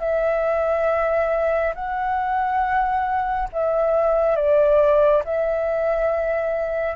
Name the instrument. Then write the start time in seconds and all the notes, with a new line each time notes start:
flute
0.00 E5
1.75 F#5
3.53 E5
4.36 D5
5.25 E5